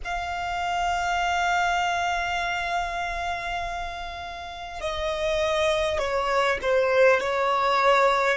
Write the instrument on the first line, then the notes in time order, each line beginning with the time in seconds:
violin
0.04 F5
4.80 D#5
5.98 C#5
6.62 C5
7.20 C#5